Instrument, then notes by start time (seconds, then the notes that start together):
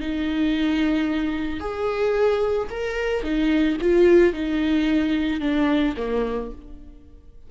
viola
0.00 D#4
1.60 G#4
2.70 A#4
3.23 D#4
3.82 F4
4.33 D#4
5.41 D4
5.97 A#3